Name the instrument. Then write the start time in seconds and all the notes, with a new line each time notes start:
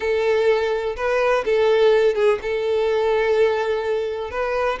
violin
0.00 A4
0.96 B4
1.45 A4
2.14 G#4
2.42 A4
4.30 B4